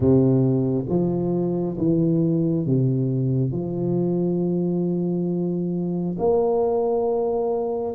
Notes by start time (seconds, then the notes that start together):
0.00 C3
0.88 F3
1.77 E3
2.66 C3
3.51 F3
6.18 A#3